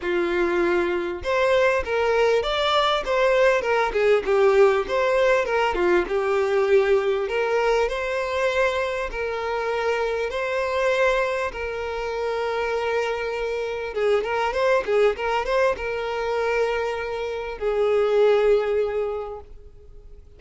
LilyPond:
\new Staff \with { instrumentName = "violin" } { \time 4/4 \tempo 4 = 99 f'2 c''4 ais'4 | d''4 c''4 ais'8 gis'8 g'4 | c''4 ais'8 f'8 g'2 | ais'4 c''2 ais'4~ |
ais'4 c''2 ais'4~ | ais'2. gis'8 ais'8 | c''8 gis'8 ais'8 c''8 ais'2~ | ais'4 gis'2. | }